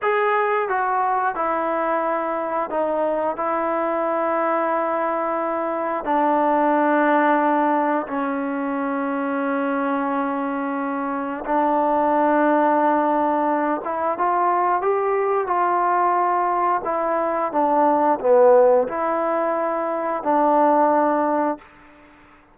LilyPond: \new Staff \with { instrumentName = "trombone" } { \time 4/4 \tempo 4 = 89 gis'4 fis'4 e'2 | dis'4 e'2.~ | e'4 d'2. | cis'1~ |
cis'4 d'2.~ | d'8 e'8 f'4 g'4 f'4~ | f'4 e'4 d'4 b4 | e'2 d'2 | }